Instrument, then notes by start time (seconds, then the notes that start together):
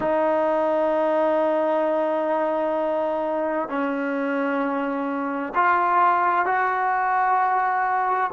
trombone
0.00 D#4
3.68 C#4
5.54 F4
6.45 F#4